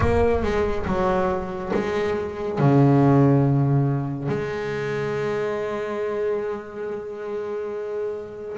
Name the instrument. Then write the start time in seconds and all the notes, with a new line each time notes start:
double bass
0.00 A#3
0.42 G#3
0.86 F#3
1.73 G#3
2.58 C#3
4.28 G#3